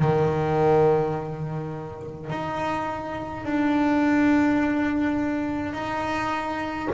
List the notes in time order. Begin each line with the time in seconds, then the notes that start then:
0.00 D#3
2.31 D#4
3.46 D4
5.74 D#4